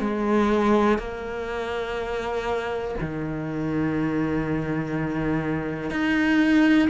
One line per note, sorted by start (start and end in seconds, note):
0.00 0.98 G#3
0.98 2.95 A#3
3.00 5.90 D#3
5.90 6.89 D#4